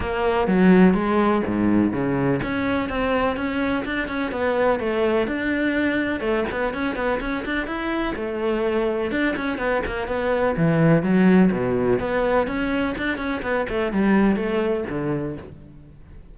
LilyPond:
\new Staff \with { instrumentName = "cello" } { \time 4/4 \tempo 4 = 125 ais4 fis4 gis4 gis,4 | cis4 cis'4 c'4 cis'4 | d'8 cis'8 b4 a4 d'4~ | d'4 a8 b8 cis'8 b8 cis'8 d'8 |
e'4 a2 d'8 cis'8 | b8 ais8 b4 e4 fis4 | b,4 b4 cis'4 d'8 cis'8 | b8 a8 g4 a4 d4 | }